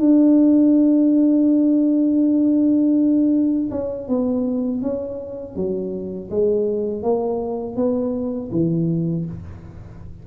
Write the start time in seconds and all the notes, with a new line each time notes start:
0.00 D4
3.71 C#4
4.08 B3
4.82 C#4
5.56 F#3
6.30 G#3
7.03 A#3
7.76 B3
8.52 E3